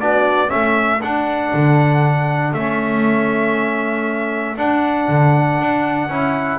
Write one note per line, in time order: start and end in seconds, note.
0.00 0.51 B3
0.00 0.48 D4
0.00 0.51 F#4
0.00 0.50 D5
0.48 1.02 A3
0.48 0.99 C#4
0.48 6.60 A4
0.48 1.01 E5
1.02 1.53 D4
1.02 2.57 D4
1.02 2.54 F#5
1.54 2.53 D3
2.53 4.57 A3
2.53 4.57 C#4
2.53 4.57 E5
4.57 6.09 D4
4.57 5.08 D4
4.57 6.60 F#5
5.09 5.60 D3
5.60 6.09 D4
6.09 6.59 C#4
6.09 6.60 E4